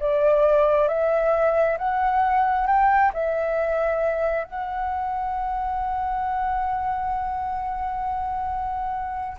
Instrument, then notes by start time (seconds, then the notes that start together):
flute
0.00 D5
0.88 E5
1.78 F#5
2.67 G5
3.14 E5
4.45 F#5